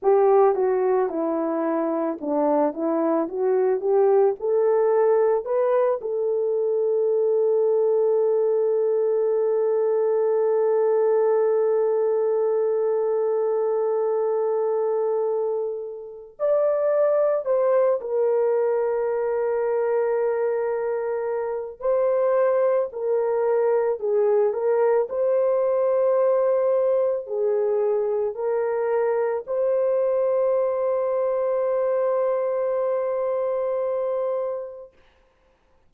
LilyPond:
\new Staff \with { instrumentName = "horn" } { \time 4/4 \tempo 4 = 55 g'8 fis'8 e'4 d'8 e'8 fis'8 g'8 | a'4 b'8 a'2~ a'8~ | a'1~ | a'2. d''4 |
c''8 ais'2.~ ais'8 | c''4 ais'4 gis'8 ais'8 c''4~ | c''4 gis'4 ais'4 c''4~ | c''1 | }